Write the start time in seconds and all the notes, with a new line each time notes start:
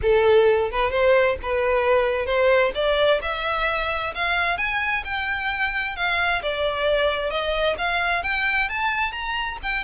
0.02 A4
0.71 B4
0.90 C5
1.42 B4
2.26 C5
2.75 D5
3.21 E5
4.14 F5
4.57 G#5
5.04 G5
5.96 F5
6.42 D5
7.30 D#5
7.78 F5
8.23 G5
8.69 A5
9.11 A#5
9.62 G5